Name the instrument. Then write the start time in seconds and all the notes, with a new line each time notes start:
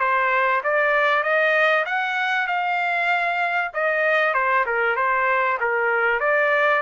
trumpet
0.00 C5
0.64 D5
1.23 D#5
1.86 F#5
2.47 F5
3.74 D#5
4.34 C5
4.66 A#4
4.96 C5
5.60 A#4
6.20 D5